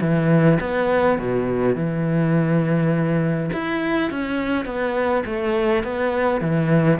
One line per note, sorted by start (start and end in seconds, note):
0.00 0.58 E3
0.60 1.18 B3
1.18 1.75 B2
1.75 3.50 E3
3.53 4.10 E4
4.10 4.65 C#4
4.65 5.23 B3
5.25 5.83 A3
5.83 6.41 B3
6.41 6.99 E3